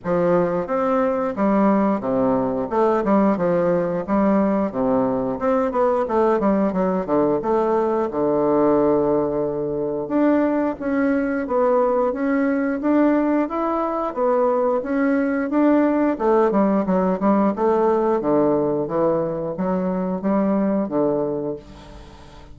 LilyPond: \new Staff \with { instrumentName = "bassoon" } { \time 4/4 \tempo 4 = 89 f4 c'4 g4 c4 | a8 g8 f4 g4 c4 | c'8 b8 a8 g8 fis8 d8 a4 | d2. d'4 |
cis'4 b4 cis'4 d'4 | e'4 b4 cis'4 d'4 | a8 g8 fis8 g8 a4 d4 | e4 fis4 g4 d4 | }